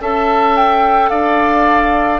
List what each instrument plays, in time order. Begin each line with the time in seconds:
0.00 bassoon C#4, clarinet A4, oboe E5, flute A5
0.56 flute G5
1.09 bassoon D4, oboe D5, flute F5